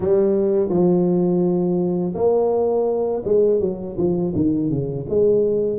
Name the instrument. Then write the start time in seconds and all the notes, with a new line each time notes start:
tuba
0.00 G3
0.69 F3
2.15 A#3
3.24 G#3
3.60 F#3
3.97 F3
4.35 D#3
4.70 C#3
5.09 G#3